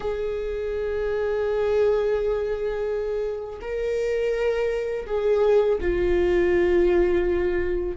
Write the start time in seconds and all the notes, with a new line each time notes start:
0.00 G#4
3.61 A#4
5.06 G#4
5.80 F4